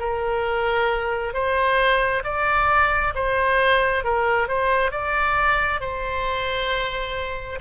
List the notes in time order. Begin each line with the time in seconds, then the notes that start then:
0.00 A#4
1.34 C5
2.24 D5
3.15 C5
4.04 A#4
4.48 C5
4.91 D5
5.80 C5